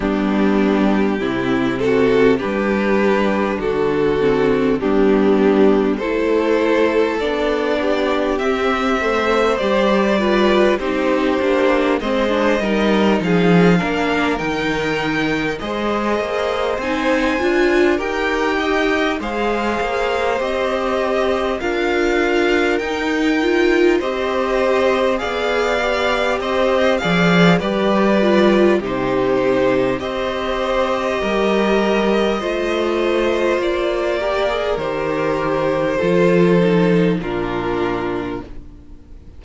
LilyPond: <<
  \new Staff \with { instrumentName = "violin" } { \time 4/4 \tempo 4 = 50 g'4. a'8 b'4 a'4 | g'4 c''4 d''4 e''4 | d''4 c''4 dis''4 f''4 | g''4 dis''4 gis''4 g''4 |
f''4 dis''4 f''4 g''4 | dis''4 f''4 dis''8 f''8 d''4 | c''4 dis''2. | d''4 c''2 ais'4 | }
  \new Staff \with { instrumentName = "violin" } { \time 4/4 d'4 e'8 fis'8 g'4 fis'4 | d'4 a'4. g'4 c''8~ | c''8 b'8 g'4 c''8 ais'8 gis'8 ais'8~ | ais'4 c''2 ais'8 dis''8 |
c''2 ais'2 | c''4 d''4 c''8 d''8 b'4 | g'4 c''4 ais'4 c''4~ | c''8 ais'4. a'4 f'4 | }
  \new Staff \with { instrumentName = "viola" } { \time 4/4 b4 c'4 d'4. c'8 | b4 e'4 d'4 c'8 a8 | g'8 f'8 dis'8 d'8 c'16 d'16 dis'4 d'8 | dis'4 gis'4 dis'8 f'8 g'4 |
gis'4 g'4 f'4 dis'8 f'8 | g'4 gis'8 g'4 gis'8 g'8 f'8 | dis'4 g'2 f'4~ | f'8 g'16 gis'16 g'4 f'8 dis'8 d'4 | }
  \new Staff \with { instrumentName = "cello" } { \time 4/4 g4 c4 g4 d4 | g4 a4 b4 c'4 | g4 c'8 ais8 gis8 g8 f8 ais8 | dis4 gis8 ais8 c'8 d'8 dis'4 |
gis8 ais8 c'4 d'4 dis'4 | c'4 b4 c'8 f8 g4 | c4 c'4 g4 a4 | ais4 dis4 f4 ais,4 | }
>>